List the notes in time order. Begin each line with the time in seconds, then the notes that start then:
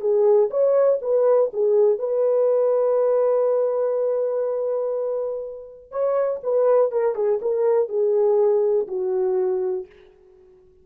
0.00 G#4
0.50 C#5
1.01 B4
1.53 G#4
1.99 B4
5.91 C#5
6.43 B4
6.91 A#4
7.15 G#4
7.41 A#4
7.88 G#4
8.87 F#4